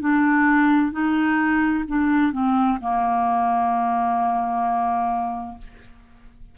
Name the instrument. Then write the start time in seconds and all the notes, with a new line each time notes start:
clarinet
0.00 D4
0.91 D#4
1.88 D4
2.32 C4
2.81 A#3